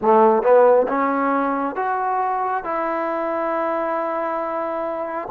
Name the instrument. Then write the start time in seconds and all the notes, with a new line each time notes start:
trombone
0.01 A3
0.43 B3
0.88 C#4
1.75 F#4
2.64 E4